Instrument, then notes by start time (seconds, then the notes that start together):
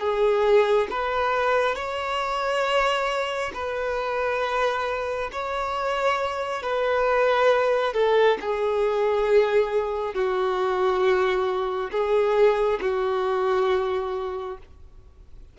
violin
0.00 G#4
0.91 B4
1.76 C#5
3.54 B4
5.32 C#5
6.63 B4
7.94 A4
8.41 G#4
10.14 F#4
11.92 G#4
12.81 F#4